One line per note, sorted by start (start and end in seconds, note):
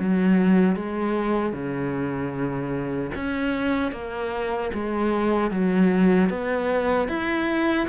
0.00 0.76 F#3
0.76 1.53 G#3
1.53 3.11 C#3
3.15 3.92 C#4
3.92 4.71 A#3
4.74 5.51 G#3
5.51 6.30 F#3
6.30 7.09 B3
7.09 7.88 E4